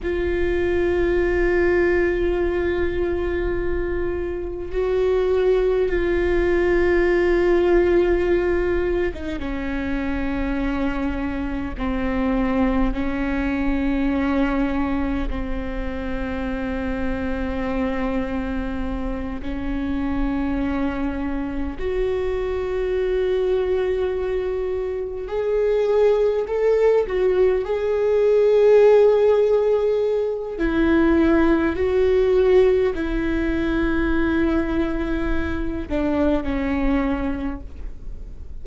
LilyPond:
\new Staff \with { instrumentName = "viola" } { \time 4/4 \tempo 4 = 51 f'1 | fis'4 f'2~ f'8. dis'16 | cis'2 c'4 cis'4~ | cis'4 c'2.~ |
c'8 cis'2 fis'4.~ | fis'4. gis'4 a'8 fis'8 gis'8~ | gis'2 e'4 fis'4 | e'2~ e'8 d'8 cis'4 | }